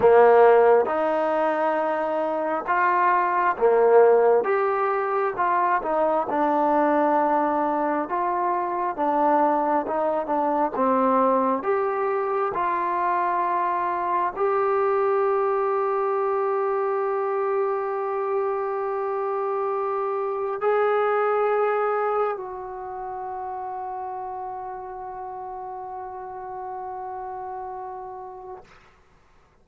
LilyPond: \new Staff \with { instrumentName = "trombone" } { \time 4/4 \tempo 4 = 67 ais4 dis'2 f'4 | ais4 g'4 f'8 dis'8 d'4~ | d'4 f'4 d'4 dis'8 d'8 | c'4 g'4 f'2 |
g'1~ | g'2. gis'4~ | gis'4 fis'2.~ | fis'1 | }